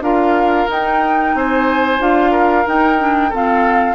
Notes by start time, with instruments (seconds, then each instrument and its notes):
0.00 bassoon D4, clarinet F4, oboe A#4, flute F5
0.69 bassoon D#4, clarinet D#4, flute G5
1.34 bassoon C4, oboe C5, flute G#5
1.99 bassoon D4, clarinet F4, flute F5
2.31 oboe A#4
2.65 clarinet D#4, bassoon D#4, flute G5
2.98 clarinet D4
3.29 clarinet C4, bassoon F4, oboe A4, flute F5